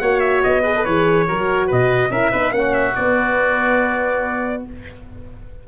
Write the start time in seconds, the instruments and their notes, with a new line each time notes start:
0.00 tuba A#3, horn F#4, oboe C#5, trumpet F#5
0.20 trumpet E5
0.43 tuba B3, trumpet D#5
0.63 horn G#4, oboe B4
0.76 horn A4
0.85 tuba E3, horn G#4, trumpet C#5
1.28 tuba F#3, horn F#4, oboe A#4
1.67 tuba B2, oboe B4, trumpet D#5
2.10 tuba C#4, horn E4, oboe A#4, trumpet E5
2.31 tuba B3, horn D#4, oboe B4
2.51 tuba A#3, horn C#4, trumpet F#5
2.58 oboe F#4
2.74 trumpet E5
2.95 horn B3, tuba B3, trumpet D5